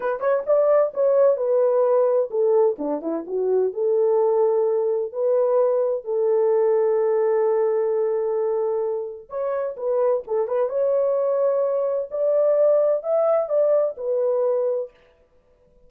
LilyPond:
\new Staff \with { instrumentName = "horn" } { \time 4/4 \tempo 4 = 129 b'8 cis''8 d''4 cis''4 b'4~ | b'4 a'4 d'8 e'8 fis'4 | a'2. b'4~ | b'4 a'2.~ |
a'1 | cis''4 b'4 a'8 b'8 cis''4~ | cis''2 d''2 | e''4 d''4 b'2 | }